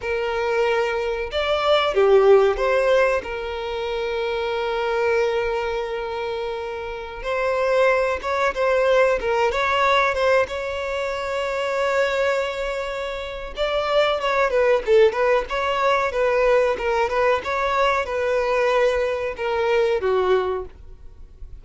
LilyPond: \new Staff \with { instrumentName = "violin" } { \time 4/4 \tempo 4 = 93 ais'2 d''4 g'4 | c''4 ais'2.~ | ais'2.~ ais'16 c''8.~ | c''8. cis''8 c''4 ais'8 cis''4 c''16~ |
c''16 cis''2.~ cis''8.~ | cis''4 d''4 cis''8 b'8 a'8 b'8 | cis''4 b'4 ais'8 b'8 cis''4 | b'2 ais'4 fis'4 | }